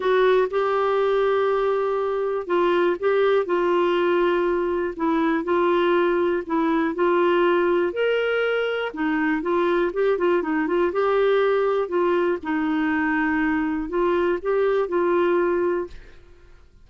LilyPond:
\new Staff \with { instrumentName = "clarinet" } { \time 4/4 \tempo 4 = 121 fis'4 g'2.~ | g'4 f'4 g'4 f'4~ | f'2 e'4 f'4~ | f'4 e'4 f'2 |
ais'2 dis'4 f'4 | g'8 f'8 dis'8 f'8 g'2 | f'4 dis'2. | f'4 g'4 f'2 | }